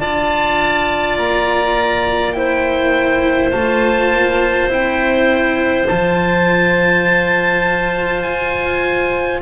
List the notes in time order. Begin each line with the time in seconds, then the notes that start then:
0.00 D4 F4 D5 A5
1.18 A#3 A#5
2.33 E4 C5 G5
3.52 A3 F4 A5
4.13 A#3
4.69 C4 E4 G5
5.88 F3 F4 A5
8.23 F4 G#5